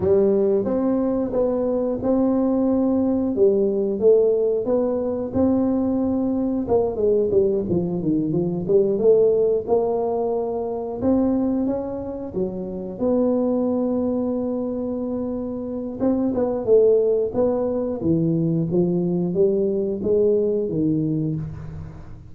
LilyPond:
\new Staff \with { instrumentName = "tuba" } { \time 4/4 \tempo 4 = 90 g4 c'4 b4 c'4~ | c'4 g4 a4 b4 | c'2 ais8 gis8 g8 f8 | dis8 f8 g8 a4 ais4.~ |
ais8 c'4 cis'4 fis4 b8~ | b1 | c'8 b8 a4 b4 e4 | f4 g4 gis4 dis4 | }